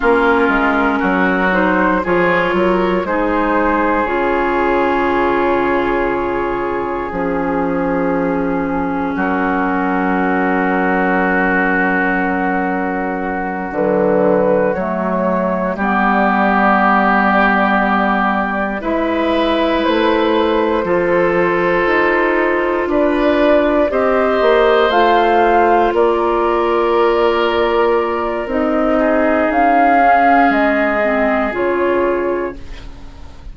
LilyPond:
<<
  \new Staff \with { instrumentName = "flute" } { \time 4/4 \tempo 4 = 59 ais'4. c''8 cis''4 c''4 | cis''2. gis'4~ | gis'4 ais'2.~ | ais'4. b'4 cis''4 d''8~ |
d''2~ d''8 e''4 c''8~ | c''2~ c''8 d''4 dis''8~ | dis''8 f''4 d''2~ d''8 | dis''4 f''4 dis''4 cis''4 | }
  \new Staff \with { instrumentName = "oboe" } { \time 4/4 f'4 fis'4 gis'8 ais'8 gis'4~ | gis'1~ | gis'4 fis'2.~ | fis'2.~ fis'8 g'8~ |
g'2~ g'8 b'4.~ | b'8 a'2 b'4 c''8~ | c''4. ais'2~ ais'8~ | ais'8 gis'2.~ gis'8 | }
  \new Staff \with { instrumentName = "clarinet" } { \time 4/4 cis'4. dis'8 f'4 dis'4 | f'2. cis'4~ | cis'1~ | cis'4. fis4 a4 b8~ |
b2~ b8 e'4.~ | e'8 f'2. g'8~ | g'8 f'2.~ f'8 | dis'4. cis'4 c'8 f'4 | }
  \new Staff \with { instrumentName = "bassoon" } { \time 4/4 ais8 gis8 fis4 f8 fis8 gis4 | cis2. f4~ | f4 fis2.~ | fis4. d4 fis4 g8~ |
g2~ g8 gis4 a8~ | a8 f4 dis'4 d'4 c'8 | ais8 a4 ais2~ ais8 | c'4 cis'4 gis4 cis4 | }
>>